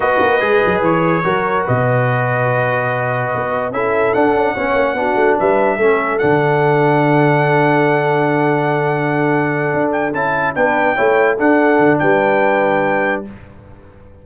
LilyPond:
<<
  \new Staff \with { instrumentName = "trumpet" } { \time 4/4 \tempo 4 = 145 dis''2 cis''2 | dis''1~ | dis''4 e''4 fis''2~ | fis''4 e''2 fis''4~ |
fis''1~ | fis''1 | g''8 a''4 g''2 fis''8~ | fis''4 g''2. | }
  \new Staff \with { instrumentName = "horn" } { \time 4/4 b'2. ais'4 | b'1~ | b'4 a'2 cis''4 | fis'4 b'4 a'2~ |
a'1~ | a'1~ | a'4. b'4 cis''4 a'8~ | a'4 b'2. | }
  \new Staff \with { instrumentName = "trombone" } { \time 4/4 fis'4 gis'2 fis'4~ | fis'1~ | fis'4 e'4 d'4 cis'4 | d'2 cis'4 d'4~ |
d'1~ | d'1~ | d'8 e'4 d'4 e'4 d'8~ | d'1 | }
  \new Staff \with { instrumentName = "tuba" } { \time 4/4 b8 ais8 gis8 fis8 e4 fis4 | b,1 | b4 cis'4 d'8 cis'8 b8 ais8 | b8 a8 g4 a4 d4~ |
d1~ | d2.~ d8 d'8~ | d'8 cis'4 b4 a4 d'8~ | d'8 d8 g2. | }
>>